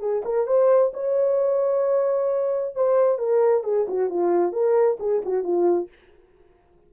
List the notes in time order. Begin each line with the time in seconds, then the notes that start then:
0.00 G#4
0.25 A#4
0.47 C5
0.94 C#5
2.75 C5
3.19 A#4
3.64 G#4
3.88 F#4
4.10 F4
4.53 A#4
5.00 G#4
5.26 F#4
5.44 F4